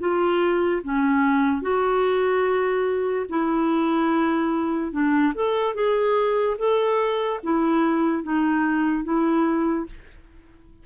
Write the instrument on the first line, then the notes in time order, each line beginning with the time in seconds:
clarinet
0.00 F4
0.83 C#4
1.62 F#4
3.30 E4
4.92 D4
5.35 A4
5.75 G#4
6.58 A4
7.43 E4
8.23 D#4
9.04 E4